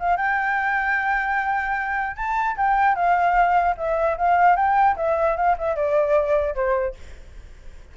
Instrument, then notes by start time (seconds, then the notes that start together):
flute
0.00 F5
0.17 G5
2.17 A5
2.57 G5
2.96 F5
3.78 E5
4.18 F5
4.56 G5
4.97 E5
5.37 F5
5.59 E5
5.76 D5
6.55 C5